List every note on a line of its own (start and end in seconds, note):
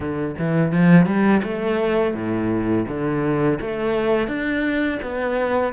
0.00 0.35 D3
0.38 0.72 E3
0.72 1.06 F3
1.06 1.41 G3
1.43 2.14 A3
2.14 2.85 A2
2.87 3.59 D3
3.60 4.27 A3
4.27 4.98 D4
5.02 5.73 B3